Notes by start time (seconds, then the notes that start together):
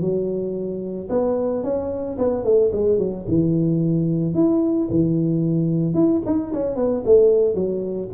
0.00 F#3
1.09 B3
1.63 C#4
2.18 B3
2.44 A3
2.72 G#3
2.98 F#3
3.28 E3
4.34 E4
4.90 E3
5.94 E4
6.25 D#4
6.53 C#4
6.76 B3
7.05 A3
7.54 F#3